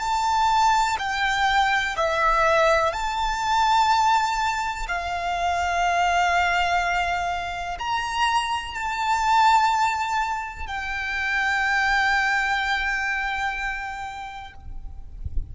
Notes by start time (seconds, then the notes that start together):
0.00 A5
0.99 G5
1.97 E5
2.93 A5
4.88 F5
7.79 A#5
8.74 A5
10.67 G5